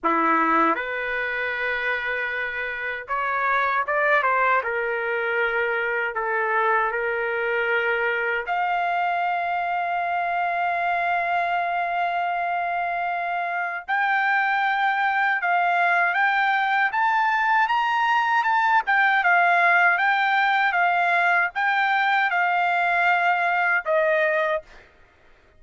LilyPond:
\new Staff \with { instrumentName = "trumpet" } { \time 4/4 \tempo 4 = 78 e'4 b'2. | cis''4 d''8 c''8 ais'2 | a'4 ais'2 f''4~ | f''1~ |
f''2 g''2 | f''4 g''4 a''4 ais''4 | a''8 g''8 f''4 g''4 f''4 | g''4 f''2 dis''4 | }